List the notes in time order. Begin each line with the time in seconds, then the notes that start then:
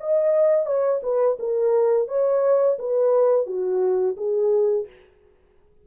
0.00 D#5
0.66 C#5
1.02 B4
1.39 A#4
2.08 C#5
2.79 B4
3.46 F#4
4.17 G#4